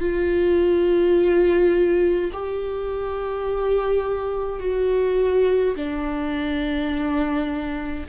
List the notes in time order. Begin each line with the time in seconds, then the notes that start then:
0.00 F4
2.33 G4
4.60 F#4
5.75 D4